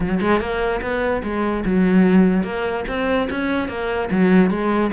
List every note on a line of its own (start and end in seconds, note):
0.00 0.20 F#3
0.20 0.40 G#3
0.40 0.81 A#3
0.81 1.22 B3
1.23 1.63 G#3
1.65 2.43 F#3
2.43 2.84 A#3
2.88 3.29 C4
3.30 3.68 C#4
3.68 4.09 A#3
4.10 4.50 F#3
4.50 4.91 G#3